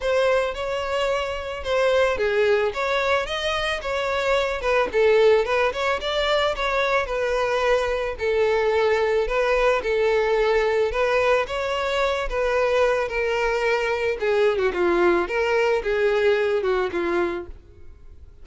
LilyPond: \new Staff \with { instrumentName = "violin" } { \time 4/4 \tempo 4 = 110 c''4 cis''2 c''4 | gis'4 cis''4 dis''4 cis''4~ | cis''8 b'8 a'4 b'8 cis''8 d''4 | cis''4 b'2 a'4~ |
a'4 b'4 a'2 | b'4 cis''4. b'4. | ais'2 gis'8. fis'16 f'4 | ais'4 gis'4. fis'8 f'4 | }